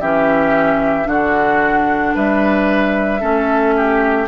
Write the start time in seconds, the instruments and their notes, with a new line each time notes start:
0.00 bassoon E3, clarinet C#4, oboe G4, flute E5
1.05 bassoon D3, clarinet D4, oboe F#4, flute F#5
2.14 bassoon G3, oboe B4, flute E5
3.20 bassoon A3, clarinet C#4, oboe A4
3.77 oboe G4